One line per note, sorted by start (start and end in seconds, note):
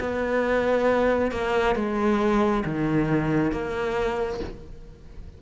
0.00 1.32 B3
1.32 1.76 A#3
1.76 2.64 G#3
2.65 3.52 D#3
3.52 4.40 A#3